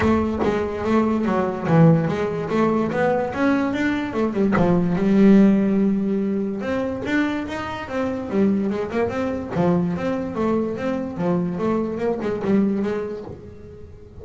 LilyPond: \new Staff \with { instrumentName = "double bass" } { \time 4/4 \tempo 4 = 145 a4 gis4 a4 fis4 | e4 gis4 a4 b4 | cis'4 d'4 a8 g8 f4 | g1 |
c'4 d'4 dis'4 c'4 | g4 gis8 ais8 c'4 f4 | c'4 a4 c'4 f4 | a4 ais8 gis8 g4 gis4 | }